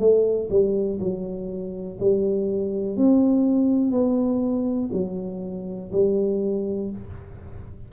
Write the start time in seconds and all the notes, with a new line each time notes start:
0.00 A3
0.51 G3
1.00 F#3
2.01 G3
2.97 C4
3.92 B3
4.93 F#3
5.92 G3